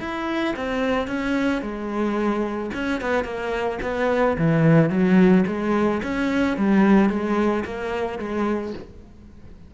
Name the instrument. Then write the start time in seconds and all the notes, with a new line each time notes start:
cello
0.00 E4
0.56 C4
1.07 C#4
1.62 G#3
2.74 C#4
3.01 B3
3.24 A#3
3.83 B3
4.38 E3
4.90 F#3
5.47 G#3
6.03 C#4
6.57 G3
7.10 G#3
7.65 A#3
8.19 G#3